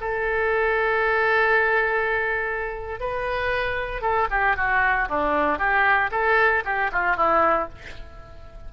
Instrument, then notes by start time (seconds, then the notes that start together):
oboe
0.00 A4
3.00 B4
4.01 A4
4.30 G4
4.56 F#4
5.08 D4
5.58 G4
6.11 A4
6.64 G4
6.92 F4
7.16 E4